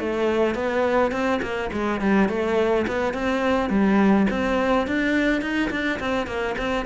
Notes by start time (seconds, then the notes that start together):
0.00 A3
0.55 B3
1.12 C4
1.42 A#3
1.73 G#3
2.02 G3
2.29 A3
2.88 B3
3.14 C4
3.70 G3
4.31 C4
4.88 D4
5.42 D#4
5.71 D4
6.00 C4
6.27 A#3
6.58 C4